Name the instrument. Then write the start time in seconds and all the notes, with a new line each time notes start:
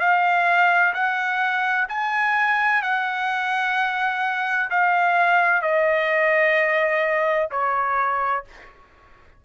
trumpet
0.00 F5
0.94 F#5
1.89 G#5
2.83 F#5
4.71 F5
5.62 D#5
7.51 C#5